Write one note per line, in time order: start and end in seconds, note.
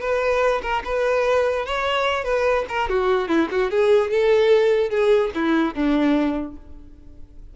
0.00 0.61 B4
0.62 0.83 A#4
0.85 1.66 B4
1.66 2.24 C#5
2.24 2.65 B4
2.68 2.89 A#4
2.89 3.28 F#4
3.28 3.48 E4
3.51 3.71 F#4
3.71 4.11 G#4
4.11 4.90 A4
4.90 5.31 G#4
5.35 5.75 E4
5.75 6.56 D4